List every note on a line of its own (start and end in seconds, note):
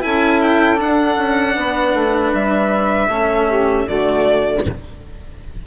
0.00 0.80 C#4
0.00 0.75 E4
0.00 1.55 A4
0.00 0.40 G#5
0.41 0.79 G5
0.75 3.06 D4
0.75 1.17 D4
0.75 2.34 F#5
1.17 1.55 C#4
1.55 1.93 B3
1.55 3.08 B4
1.93 2.32 A3
2.33 3.08 G3
2.33 3.88 E5
3.08 3.85 A3
3.08 3.87 C#4
3.08 3.47 A4
3.47 3.85 G4
3.85 4.64 D3
3.85 4.66 A3
3.85 4.62 F#4
3.85 4.65 D5